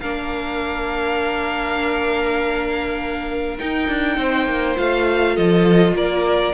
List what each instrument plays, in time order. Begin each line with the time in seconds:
0.00 cello A#3, viola D4, violin A#4 F5
3.58 viola D#4, cello D#4, violin G5
3.88 cello D4
4.17 cello C4, violin C5
4.46 cello A#3
4.75 cello A3, viola F4, violin F5
5.34 cello F3, violin A4 D#5
5.93 cello A#3, violin A#4 D5